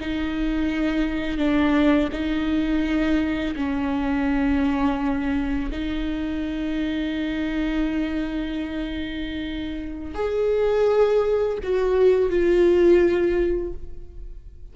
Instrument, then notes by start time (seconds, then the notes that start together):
viola
0.00 D#4
1.38 D4
2.12 D#4
3.56 C#4
5.71 D#4
10.15 G#4
11.63 F#4
12.30 F4